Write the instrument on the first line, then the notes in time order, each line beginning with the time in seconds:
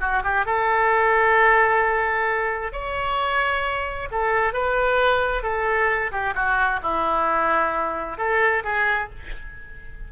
oboe
0.00 F#4
0.23 G4
0.45 A4
2.72 C#5
4.11 A4
4.53 B4
5.43 A4
6.11 G4
6.34 F#4
6.82 E4
8.17 A4
8.64 G#4